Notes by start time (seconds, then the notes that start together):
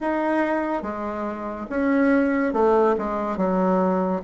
0.00 D#4
0.82 G#3
1.69 C#4
2.53 A3
2.98 G#3
3.37 F#3